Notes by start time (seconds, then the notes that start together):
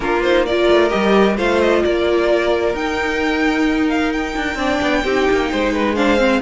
0.00 A#3 D4 F4 A#4
0.22 D#4 C5
0.46 F4 A#4 D5
0.69 A3
0.89 G3 G4 D#5
1.37 A3 F4 C5 F5
1.61 D#5
1.84 A#3 A#4 D5
2.74 D#4 G5
3.89 F5
4.12 G5
4.35 D4
4.55 C4 D4 D5
4.81 B3
5.04 C4 D#4 G4
5.30 A#3
5.51 G#3 C5
5.73 B4
5.95 D4 C5 F5
6.17 C4